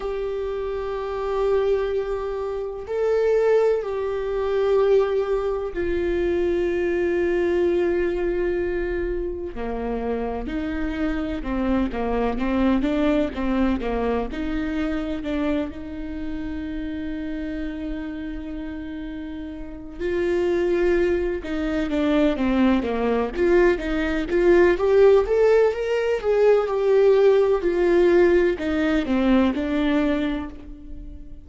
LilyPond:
\new Staff \with { instrumentName = "viola" } { \time 4/4 \tempo 4 = 63 g'2. a'4 | g'2 f'2~ | f'2 ais4 dis'4 | c'8 ais8 c'8 d'8 c'8 ais8 dis'4 |
d'8 dis'2.~ dis'8~ | dis'4 f'4. dis'8 d'8 c'8 | ais8 f'8 dis'8 f'8 g'8 a'8 ais'8 gis'8 | g'4 f'4 dis'8 c'8 d'4 | }